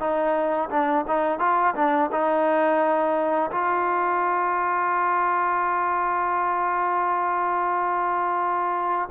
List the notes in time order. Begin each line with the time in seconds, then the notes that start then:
0.00 D#4
0.70 D4
1.08 D#4
1.40 F4
1.76 D4
2.12 D#4
3.51 F4